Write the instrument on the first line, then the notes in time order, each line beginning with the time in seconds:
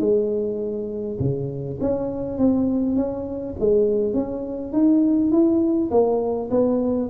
tuba
0.00 G#3
1.20 C#3
1.81 C#4
2.38 C4
2.96 C#4
3.60 G#3
4.13 C#4
4.72 D#4
5.31 E4
5.91 A#3
6.50 B3